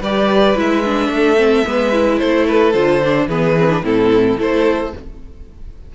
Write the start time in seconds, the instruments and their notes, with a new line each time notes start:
0.00 cello G3, viola G4, violin B4 D5
0.55 cello G#3, viola E4, violin E5
0.85 viola D4
1.09 cello A3
1.16 violin A4
1.37 viola C4
1.65 cello G#3, viola B3, violin B4
1.92 viola E4
2.19 cello A3, violin A4 C5
2.47 violin B4
2.73 cello D3, viola F4, violin C5
3.02 viola D4
3.27 cello E3, viola B3, violin G#4 B4
3.58 viola C4
3.70 viola D4
3.82 cello A2, viola C4, violin E4 A4
4.38 cello A3, viola E4, violin A4 C5